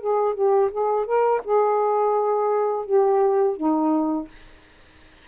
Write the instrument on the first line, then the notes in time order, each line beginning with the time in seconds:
saxophone
0.00 G#4
0.34 G4
0.71 G#4
1.05 A#4
1.44 G#4
2.85 G4
3.56 D#4